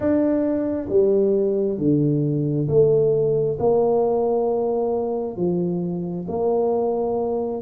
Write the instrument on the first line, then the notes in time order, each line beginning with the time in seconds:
tuba
0.00 D4
0.89 G3
1.78 D3
2.67 A3
3.59 A#3
5.36 F3
6.28 A#3